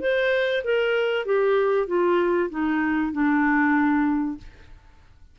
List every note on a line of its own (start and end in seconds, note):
0.00 0.62 C5
0.64 1.26 A#4
1.26 1.87 G4
1.87 2.50 F4
2.50 3.12 D#4
3.12 4.38 D4